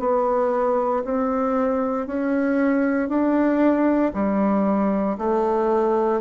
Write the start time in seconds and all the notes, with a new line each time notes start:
0.00 B3
1.05 C4
2.07 C#4
3.09 D4
4.14 G3
5.18 A3